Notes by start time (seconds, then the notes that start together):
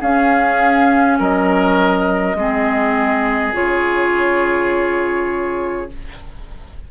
0.00 C#4 G#4 F5
1.18 F#3 A#4 D#5
2.34 G#3 C4 G#4
3.53 C#3 F4 C#5